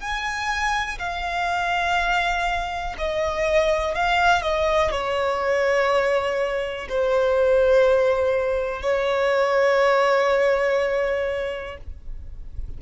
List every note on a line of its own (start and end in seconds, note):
0.00 0.98 G#5
0.99 2.96 F5
2.98 3.95 D#5
3.95 4.42 F5
4.42 4.91 D#5
4.91 6.88 C#5
6.89 8.82 C5
8.82 11.77 C#5